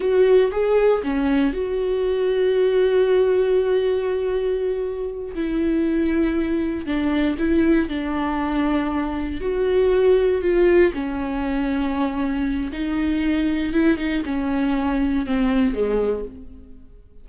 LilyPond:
\new Staff \with { instrumentName = "viola" } { \time 4/4 \tempo 4 = 118 fis'4 gis'4 cis'4 fis'4~ | fis'1~ | fis'2~ fis'8 e'4.~ | e'4. d'4 e'4 d'8~ |
d'2~ d'8 fis'4.~ | fis'8 f'4 cis'2~ cis'8~ | cis'4 dis'2 e'8 dis'8 | cis'2 c'4 gis4 | }